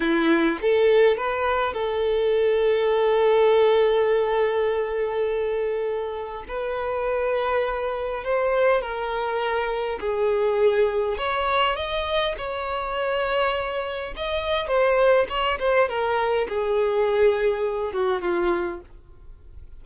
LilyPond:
\new Staff \with { instrumentName = "violin" } { \time 4/4 \tempo 4 = 102 e'4 a'4 b'4 a'4~ | a'1~ | a'2. b'4~ | b'2 c''4 ais'4~ |
ais'4 gis'2 cis''4 | dis''4 cis''2. | dis''4 c''4 cis''8 c''8 ais'4 | gis'2~ gis'8 fis'8 f'4 | }